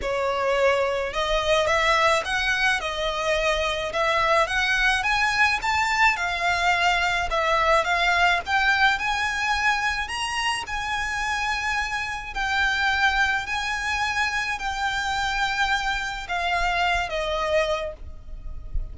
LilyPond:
\new Staff \with { instrumentName = "violin" } { \time 4/4 \tempo 4 = 107 cis''2 dis''4 e''4 | fis''4 dis''2 e''4 | fis''4 gis''4 a''4 f''4~ | f''4 e''4 f''4 g''4 |
gis''2 ais''4 gis''4~ | gis''2 g''2 | gis''2 g''2~ | g''4 f''4. dis''4. | }